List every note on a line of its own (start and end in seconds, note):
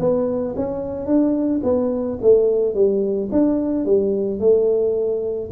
0.00 0.55 B3
0.56 1.06 C#4
1.06 1.61 D4
1.64 2.19 B3
2.22 2.74 A3
2.74 3.30 G3
3.32 3.85 D4
3.85 4.40 G3
4.40 5.50 A3